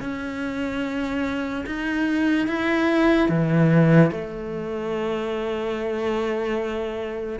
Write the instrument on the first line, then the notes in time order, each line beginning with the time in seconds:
cello
0.00 C#4
1.66 D#4
2.47 E4
3.29 E3
4.11 A3